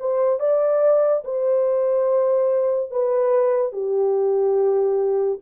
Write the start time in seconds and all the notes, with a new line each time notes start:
0.00 C5
0.40 D5
1.25 C5
2.91 B4
3.73 G4